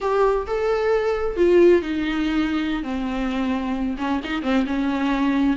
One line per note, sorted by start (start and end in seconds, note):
0.01 0.46 G4
0.46 1.36 A4
1.36 1.81 F4
1.81 2.83 D#4
2.83 3.96 C4
3.98 4.20 C#4
4.24 4.42 D#4
4.42 4.65 C4
4.66 5.56 C#4